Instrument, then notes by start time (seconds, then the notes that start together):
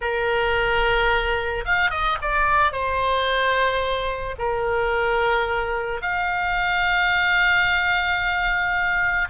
oboe
0.01 A#4
1.65 F5
1.90 D#5
2.21 D5
2.72 C5
4.38 A#4
6.01 F5